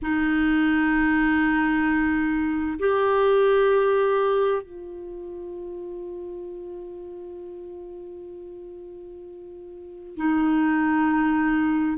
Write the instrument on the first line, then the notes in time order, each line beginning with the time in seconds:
clarinet
0.02 D#4
2.79 G4
4.62 F4
10.16 D#4